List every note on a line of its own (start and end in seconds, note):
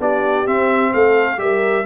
0.00 0.47 B3
0.00 0.46 D4
0.00 0.93 G4
0.00 0.48 D5
0.46 1.38 C4
0.46 0.93 C4
0.46 0.94 E5
0.94 1.39 A3
0.94 1.41 A4
0.94 1.40 F5
1.38 1.85 G3
1.38 1.84 G4
1.38 1.86 A#4
1.38 1.86 E5